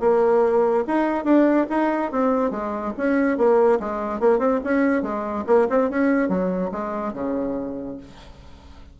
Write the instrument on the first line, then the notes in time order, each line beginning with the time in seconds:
bassoon
0.00 A#3
0.87 D#4
1.25 D4
1.70 D#4
2.12 C4
2.51 G#3
2.97 C#4
3.37 A#3
3.80 G#3
4.20 A#3
4.39 C4
4.64 C#4
5.03 G#3
5.47 A#3
5.70 C4
5.90 C#4
6.29 F#3
6.72 G#3
7.13 C#3